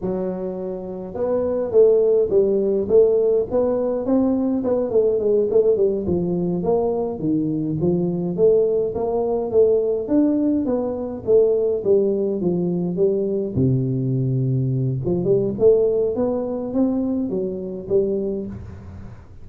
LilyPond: \new Staff \with { instrumentName = "tuba" } { \time 4/4 \tempo 4 = 104 fis2 b4 a4 | g4 a4 b4 c'4 | b8 a8 gis8 a8 g8 f4 ais8~ | ais8 dis4 f4 a4 ais8~ |
ais8 a4 d'4 b4 a8~ | a8 g4 f4 g4 c8~ | c2 f8 g8 a4 | b4 c'4 fis4 g4 | }